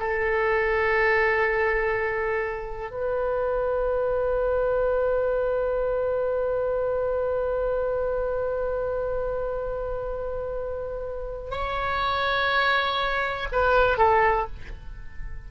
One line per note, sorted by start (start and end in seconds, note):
0.00 2.91 A4
2.91 11.51 B4
11.51 13.48 C#5
13.52 13.98 B4
13.98 14.47 A4